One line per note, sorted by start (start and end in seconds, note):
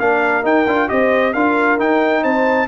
0.00 0.44 A#3
0.00 0.44 D4
0.00 0.90 A#4
0.00 0.45 F5
0.44 0.66 D#4
0.44 0.89 G5
0.67 0.89 D4
0.67 0.88 F4
0.88 1.35 C4
0.88 1.33 G4
0.88 1.34 C5
0.88 1.33 D#5
1.33 1.79 D4
1.33 1.79 F4
1.33 2.23 A#4
1.33 1.78 F5
1.79 2.68 D#4
1.79 2.24 D#4
1.79 2.24 G5
2.23 2.69 C4
2.23 2.67 C5
2.23 2.68 A5